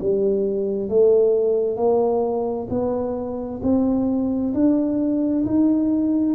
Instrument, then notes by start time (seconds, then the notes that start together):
tuba
0.00 G3
0.89 A3
1.77 A#3
2.70 B3
3.63 C4
4.54 D4
5.45 D#4